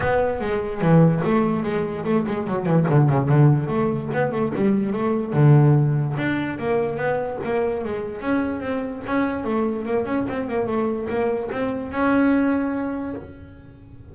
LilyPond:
\new Staff \with { instrumentName = "double bass" } { \time 4/4 \tempo 4 = 146 b4 gis4 e4 a4 | gis4 a8 gis8 fis8 e8 d8 cis8 | d4 a4 b8 a8 g4 | a4 d2 d'4 |
ais4 b4 ais4 gis4 | cis'4 c'4 cis'4 a4 | ais8 cis'8 c'8 ais8 a4 ais4 | c'4 cis'2. | }